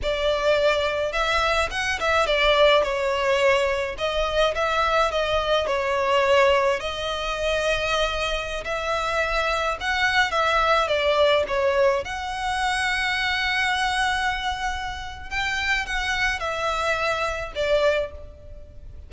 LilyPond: \new Staff \with { instrumentName = "violin" } { \time 4/4 \tempo 4 = 106 d''2 e''4 fis''8 e''8 | d''4 cis''2 dis''4 | e''4 dis''4 cis''2 | dis''2.~ dis''16 e''8.~ |
e''4~ e''16 fis''4 e''4 d''8.~ | d''16 cis''4 fis''2~ fis''8.~ | fis''2. g''4 | fis''4 e''2 d''4 | }